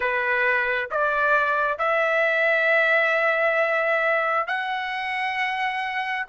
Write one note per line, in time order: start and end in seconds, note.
0.00 0.89 B4
0.90 1.78 D5
1.78 4.47 E5
4.47 6.26 F#5